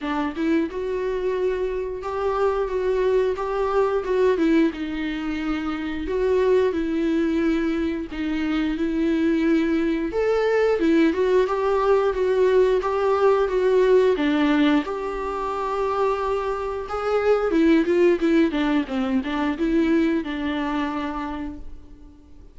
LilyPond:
\new Staff \with { instrumentName = "viola" } { \time 4/4 \tempo 4 = 89 d'8 e'8 fis'2 g'4 | fis'4 g'4 fis'8 e'8 dis'4~ | dis'4 fis'4 e'2 | dis'4 e'2 a'4 |
e'8 fis'8 g'4 fis'4 g'4 | fis'4 d'4 g'2~ | g'4 gis'4 e'8 f'8 e'8 d'8 | c'8 d'8 e'4 d'2 | }